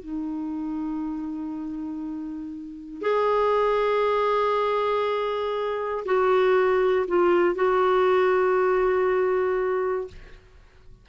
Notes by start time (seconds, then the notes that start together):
0.00 D#4
3.02 G#4
6.05 F#4
7.08 F4
7.56 F#4